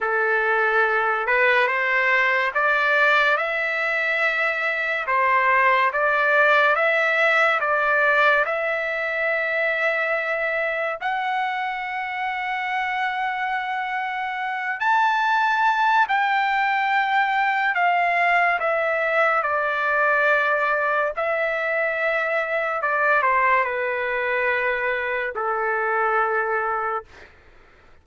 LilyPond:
\new Staff \with { instrumentName = "trumpet" } { \time 4/4 \tempo 4 = 71 a'4. b'8 c''4 d''4 | e''2 c''4 d''4 | e''4 d''4 e''2~ | e''4 fis''2.~ |
fis''4. a''4. g''4~ | g''4 f''4 e''4 d''4~ | d''4 e''2 d''8 c''8 | b'2 a'2 | }